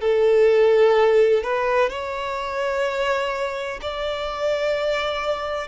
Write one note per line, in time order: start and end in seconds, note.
0.00 1.43 A4
1.43 1.90 B4
1.90 3.80 C#5
3.81 5.68 D5